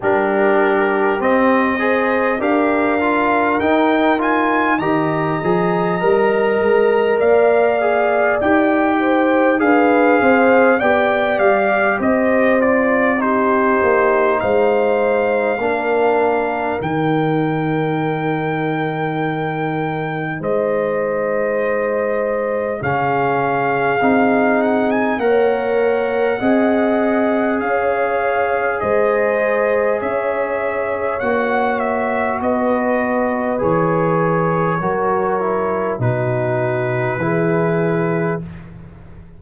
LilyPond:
<<
  \new Staff \with { instrumentName = "trumpet" } { \time 4/4 \tempo 4 = 50 ais'4 dis''4 f''4 g''8 gis''8 | ais''2 f''4 g''4 | f''4 g''8 f''8 dis''8 d''8 c''4 | f''2 g''2~ |
g''4 dis''2 f''4~ | f''8 fis''16 gis''16 fis''2 f''4 | dis''4 e''4 fis''8 e''8 dis''4 | cis''2 b'2 | }
  \new Staff \with { instrumentName = "horn" } { \time 4/4 g'4. c''8 ais'2 | dis''2 d''4. c''8 | b'8 c''8 d''4 c''4 g'4 | c''4 ais'2.~ |
ais'4 c''2 gis'4~ | gis'4 cis''4 dis''4 cis''4 | c''4 cis''2 b'4~ | b'4 ais'4 fis'4 gis'4 | }
  \new Staff \with { instrumentName = "trombone" } { \time 4/4 d'4 c'8 gis'8 g'8 f'8 dis'8 f'8 | g'8 gis'8 ais'4. gis'8 g'4 | gis'4 g'4. f'8 dis'4~ | dis'4 d'4 dis'2~ |
dis'2. cis'4 | dis'4 ais'4 gis'2~ | gis'2 fis'2 | gis'4 fis'8 e'8 dis'4 e'4 | }
  \new Staff \with { instrumentName = "tuba" } { \time 4/4 g4 c'4 d'4 dis'4 | dis8 f8 g8 gis8 ais4 dis'4 | d'8 c'8 b8 g8 c'4. ais8 | gis4 ais4 dis2~ |
dis4 gis2 cis4 | c'4 ais4 c'4 cis'4 | gis4 cis'4 ais4 b4 | e4 fis4 b,4 e4 | }
>>